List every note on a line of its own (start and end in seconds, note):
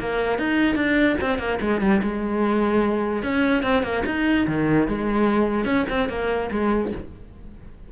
0.00 0.39 A#3
0.39 0.76 D#4
0.76 1.16 D4
1.21 1.39 C4
1.39 1.59 A#3
1.61 1.81 G#3
1.81 2.02 G3
2.03 3.23 G#3
3.23 3.63 C#4
3.63 3.83 C4
3.83 4.04 A#3
4.06 4.47 D#4
4.47 4.88 D#3
4.88 5.65 G#3
5.65 5.86 C#4
5.90 6.09 C4
6.09 6.50 A#3
6.51 6.92 G#3